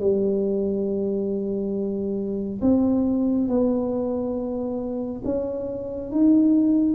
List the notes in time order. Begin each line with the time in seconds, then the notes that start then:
0.00 G3
2.62 C4
3.49 B3
5.25 C#4
6.12 D#4